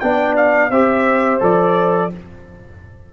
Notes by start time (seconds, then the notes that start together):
0.00 B3 D4 D5 G5
0.36 F5
0.70 C4 G4 C5 E5
1.40 F3 A4 D5